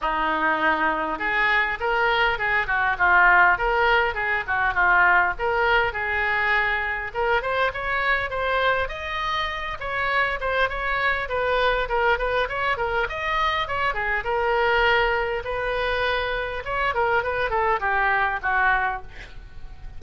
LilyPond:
\new Staff \with { instrumentName = "oboe" } { \time 4/4 \tempo 4 = 101 dis'2 gis'4 ais'4 | gis'8 fis'8 f'4 ais'4 gis'8 fis'8 | f'4 ais'4 gis'2 | ais'8 c''8 cis''4 c''4 dis''4~ |
dis''8 cis''4 c''8 cis''4 b'4 | ais'8 b'8 cis''8 ais'8 dis''4 cis''8 gis'8 | ais'2 b'2 | cis''8 ais'8 b'8 a'8 g'4 fis'4 | }